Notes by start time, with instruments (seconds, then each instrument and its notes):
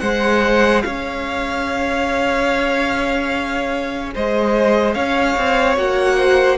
0.00 cello G#3, viola G#4, violin C5 F#5
0.82 cello C#4, violin C#5 F5
4.15 cello G#3, violin C5 D#5
4.94 cello C#4, violin C#5 F5
5.37 cello C4
5.76 cello A#3, viola F#4, violin F#5
6.17 violin C5